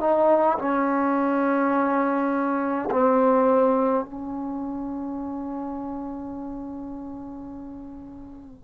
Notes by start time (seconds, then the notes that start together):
0.00 D#4
0.58 C#4
2.90 C4
4.04 C#4